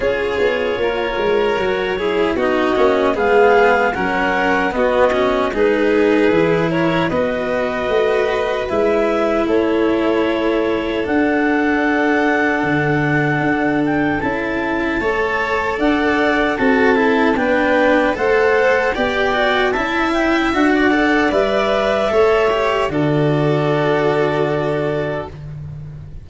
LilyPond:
<<
  \new Staff \with { instrumentName = "clarinet" } { \time 4/4 \tempo 4 = 76 cis''2. dis''4 | f''4 fis''4 dis''4 b'4~ | b'8 cis''8 dis''2 e''4 | cis''2 fis''2~ |
fis''4. g''8 a''2 | fis''4 a''4 g''4 fis''4 | g''4 a''8 g''8 fis''4 e''4~ | e''4 d''2. | }
  \new Staff \with { instrumentName = "violin" } { \time 4/4 gis'4 ais'4. gis'8 fis'4 | gis'4 ais'4 fis'4 gis'4~ | gis'8 ais'8 b'2. | a'1~ |
a'2. cis''4 | d''4 a'4 b'4 c''4 | d''4 e''4~ e''16 d''4.~ d''16 | cis''4 a'2. | }
  \new Staff \with { instrumentName = "cello" } { \time 4/4 f'2 fis'8 e'8 dis'8 cis'8 | b4 cis'4 b8 cis'8 dis'4 | e'4 fis'2 e'4~ | e'2 d'2~ |
d'2 e'4 a'4~ | a'4 fis'8 e'8 d'4 a'4 | g'8 fis'8 e'4 fis'8 a'8 b'4 | a'8 g'8 fis'2. | }
  \new Staff \with { instrumentName = "tuba" } { \time 4/4 cis'8 b8 ais8 gis8 fis4 b8 ais8 | gis4 fis4 b4 gis4 | e4 b4 a4 gis4 | a2 d'2 |
d4 d'4 cis'4 a4 | d'4 c'4 b4 a4 | b4 cis'4 d'4 g4 | a4 d2. | }
>>